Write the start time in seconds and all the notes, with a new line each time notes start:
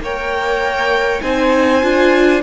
0.00 A#3 A#4 C#5 G5
1.22 C4 D#4 C5 G#5
1.82 D4 F4